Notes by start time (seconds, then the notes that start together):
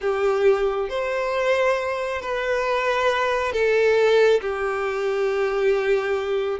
0.00 G4
0.89 C5
2.21 B4
3.52 A4
4.41 G4